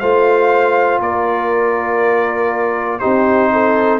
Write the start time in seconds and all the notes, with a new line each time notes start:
0.00 A3 F4 C5 F5
1.00 A#3 A#4 D5
3.00 C4 D#4 G4 C5
3.52 A4